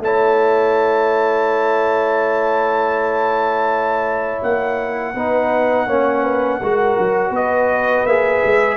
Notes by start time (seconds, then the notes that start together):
0.00 A3 E4 C#5 A5
4.43 A#3 F#5
5.14 B3 D#4 B4
5.87 A#3 C#4 C#5
6.24 B4
6.61 G#3 F#4 A#4
6.99 F#3
7.31 B3 B4 D#5
8.05 A#3 G#4 E5
8.45 G#3